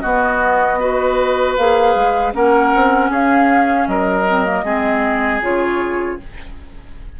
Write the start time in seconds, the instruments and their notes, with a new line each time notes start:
0.00 clarinet B3, bassoon B3, oboe F#4, flute D#5
0.79 clarinet F#4, oboe B4
1.56 bassoon A#3, clarinet G#4, flute F5
1.95 bassoon G#3
2.33 bassoon A#3, clarinet C#4, oboe A#4, flute F#5
2.74 bassoon C4
3.10 bassoon C#4, oboe G#4, flute F5
3.87 bassoon F#3, oboe A#4, flute D#5
4.27 clarinet C4
4.45 clarinet A#3
4.64 bassoon G#3, clarinet C4, oboe G#4
5.41 bassoon C#3, clarinet F4, flute C#5